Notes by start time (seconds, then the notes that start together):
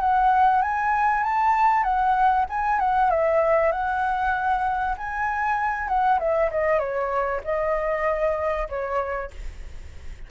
0.00 F#5
0.62 G#5
1.23 A5
1.83 F#5
2.49 G#5
2.79 F#5
3.10 E5
3.72 F#5
4.97 G#5
5.88 F#5
6.19 E5
6.51 D#5
6.79 C#5
7.44 D#5
8.69 C#5